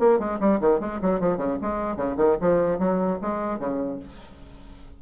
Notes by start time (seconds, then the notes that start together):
0.00 A#3
0.20 G#3
0.41 G3
0.61 D#3
0.80 G#3
1.02 F#3
1.20 F3
1.38 C#3
1.62 G#3
1.97 C#3
2.17 D#3
2.41 F3
2.79 F#3
3.22 G#3
3.60 C#3